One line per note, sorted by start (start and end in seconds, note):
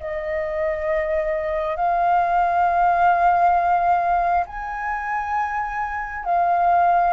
0.00 1.77 D#5
1.77 4.45 F5
4.47 6.25 G#5
6.25 7.14 F5